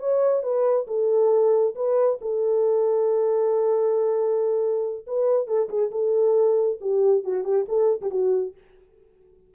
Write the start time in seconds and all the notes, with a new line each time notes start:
0.00 C#5
0.43 B4
0.88 A4
1.76 B4
2.21 A4
5.07 B4
5.47 A4
5.69 G#4
5.92 A4
6.81 G4
7.24 F#4
7.45 G4
7.69 A4
8.02 G4
8.11 F#4